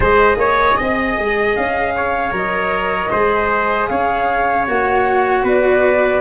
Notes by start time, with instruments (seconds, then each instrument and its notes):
0.00 tuba G#3, cello G#4, trumpet C5, flute D#5
0.36 tuba A#3, trumpet C#5
0.77 tuba C4, trumpet D#5
1.17 tuba G#3
1.55 tuba C#4, flute F5
1.95 trumpet C#5
2.31 tuba F#3, cello A#4, flute D#5
3.10 tuba G#3, cello G#4, trumpet C5
3.87 tuba C#4, trumpet C#5, flute F5
4.67 tuba A#3, cello F#4, flute F#5
5.43 tuba B3, trumpet B4, flute D5